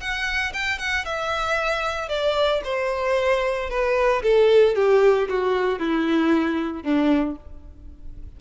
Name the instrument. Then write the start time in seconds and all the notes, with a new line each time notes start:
violin
0.00 F#5
0.53 G5
0.78 F#5
1.05 E5
2.09 D5
2.64 C5
3.70 B4
4.23 A4
4.75 G4
5.29 F#4
5.79 E4
6.83 D4